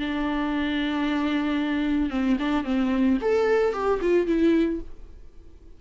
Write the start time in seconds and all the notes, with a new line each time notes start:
0.00 D4
2.11 C4
2.40 D4
2.65 C4
3.22 A4
3.74 G4
4.02 F4
4.27 E4